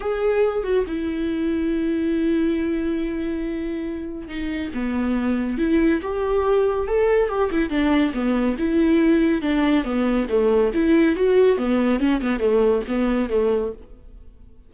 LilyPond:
\new Staff \with { instrumentName = "viola" } { \time 4/4 \tempo 4 = 140 gis'4. fis'8 e'2~ | e'1~ | e'2 dis'4 b4~ | b4 e'4 g'2 |
a'4 g'8 e'8 d'4 b4 | e'2 d'4 b4 | a4 e'4 fis'4 b4 | cis'8 b8 a4 b4 a4 | }